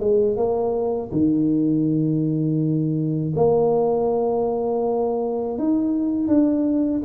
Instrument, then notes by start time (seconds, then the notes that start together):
tuba
0.00 G#3
0.37 A#3
1.12 D#3
3.37 A#3
5.59 D#4
6.28 D4